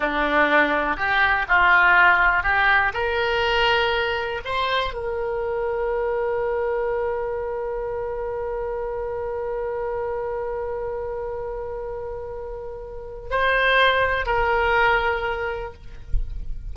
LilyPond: \new Staff \with { instrumentName = "oboe" } { \time 4/4 \tempo 4 = 122 d'2 g'4 f'4~ | f'4 g'4 ais'2~ | ais'4 c''4 ais'2~ | ais'1~ |
ais'1~ | ais'1~ | ais'2. c''4~ | c''4 ais'2. | }